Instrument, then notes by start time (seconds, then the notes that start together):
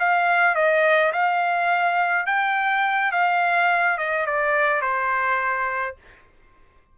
trumpet
0.00 F5
0.56 D#5
1.13 F5
2.26 G5
3.12 F5
3.98 D#5
4.26 D5
4.82 C5